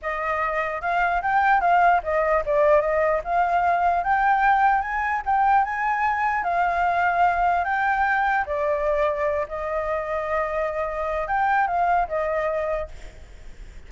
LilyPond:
\new Staff \with { instrumentName = "flute" } { \time 4/4 \tempo 4 = 149 dis''2 f''4 g''4 | f''4 dis''4 d''4 dis''4 | f''2 g''2 | gis''4 g''4 gis''2 |
f''2. g''4~ | g''4 d''2~ d''8 dis''8~ | dis''1 | g''4 f''4 dis''2 | }